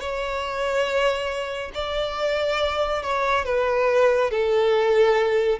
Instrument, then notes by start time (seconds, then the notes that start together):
violin
0.00 C#5
1.74 D5
3.03 C#5
3.45 B4
4.31 A4